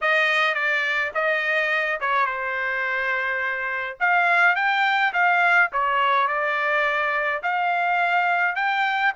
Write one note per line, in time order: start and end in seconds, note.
0.01 0.54 D#5
0.54 1.11 D5
1.14 2.00 D#5
2.00 2.26 C#5
2.26 3.97 C5
4.00 4.55 F5
4.55 5.12 G5
5.13 5.70 F5
5.72 6.27 C#5
6.27 7.42 D5
7.43 8.55 F5
8.55 9.12 G5